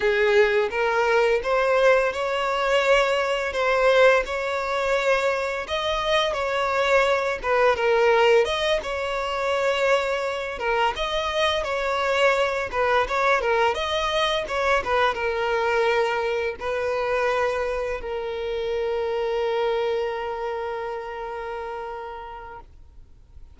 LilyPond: \new Staff \with { instrumentName = "violin" } { \time 4/4 \tempo 4 = 85 gis'4 ais'4 c''4 cis''4~ | cis''4 c''4 cis''2 | dis''4 cis''4. b'8 ais'4 | dis''8 cis''2~ cis''8 ais'8 dis''8~ |
dis''8 cis''4. b'8 cis''8 ais'8 dis''8~ | dis''8 cis''8 b'8 ais'2 b'8~ | b'4. ais'2~ ais'8~ | ais'1 | }